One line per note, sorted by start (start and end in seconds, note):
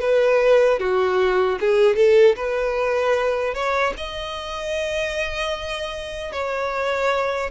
0.00 0.79 B4
0.79 1.58 F#4
1.60 1.96 G#4
1.96 2.35 A4
2.35 3.54 B4
3.54 3.93 C#5
3.97 6.32 D#5
6.32 7.50 C#5